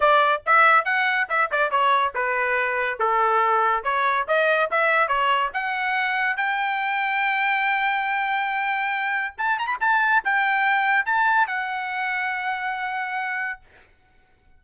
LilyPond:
\new Staff \with { instrumentName = "trumpet" } { \time 4/4 \tempo 4 = 141 d''4 e''4 fis''4 e''8 d''8 | cis''4 b'2 a'4~ | a'4 cis''4 dis''4 e''4 | cis''4 fis''2 g''4~ |
g''1~ | g''2 a''8 ais''16 b''16 a''4 | g''2 a''4 fis''4~ | fis''1 | }